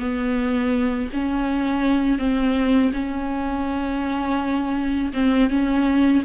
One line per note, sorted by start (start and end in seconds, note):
0.00 1.10 B3
1.13 2.19 C#4
2.19 2.92 C4
2.93 5.13 C#4
5.14 5.50 C4
5.50 6.23 C#4